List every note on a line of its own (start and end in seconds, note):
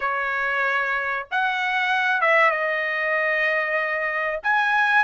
0.00 1.26 C#5
1.31 2.21 F#5
2.21 2.51 E5
2.51 4.40 D#5
4.43 5.04 G#5